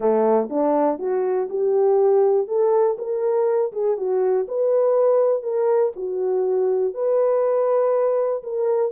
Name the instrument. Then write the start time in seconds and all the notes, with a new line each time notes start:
horn
0.00 A3
0.49 D4
0.98 F#4
1.49 G4
2.47 A4
2.98 A#4
3.72 G#4
3.97 F#4
4.48 B4
5.42 A#4
5.95 F#4
6.94 B4
8.43 A#4